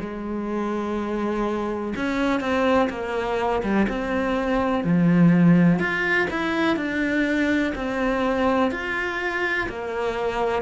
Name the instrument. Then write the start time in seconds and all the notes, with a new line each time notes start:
cello
0.00 G#3
1.96 C#4
2.40 C4
2.89 A#3
3.62 G3
3.88 C4
4.83 F3
5.79 F4
6.30 E4
6.76 D4
7.75 C4
8.71 F4
9.69 A#3